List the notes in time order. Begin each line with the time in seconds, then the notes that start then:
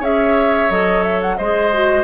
0.00 C#4 G#4 C#5 E5
0.69 F#3 A4 D#5
1.03 E5
1.22 F#5
1.37 G#3 G#4 C5 D#5
1.73 F#4